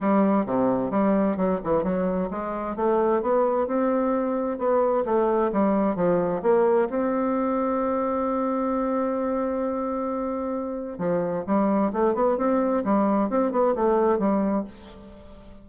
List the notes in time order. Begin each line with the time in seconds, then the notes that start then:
0.00 G3
0.46 C3
0.90 G3
1.36 F#3
1.64 E3
1.83 F#3
2.30 G#3
2.76 A3
3.22 B3
3.67 C4
4.58 B3
5.05 A3
5.52 G3
5.95 F3
6.42 A#3
6.89 C4
10.98 F3
11.46 G3
11.93 A3
12.14 B3
12.37 C4
12.84 G3
13.29 C4
13.51 B3
13.75 A3
14.18 G3